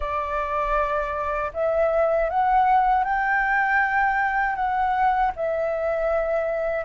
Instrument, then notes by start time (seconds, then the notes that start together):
flute
0.00 D5
1.53 E5
2.29 F#5
3.03 G5
4.55 F#5
5.35 E5